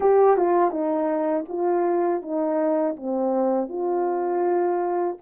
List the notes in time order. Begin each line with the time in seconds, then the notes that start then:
0.00 G4
0.36 F4
0.70 D#4
1.48 F4
2.22 D#4
2.96 C4
3.68 F4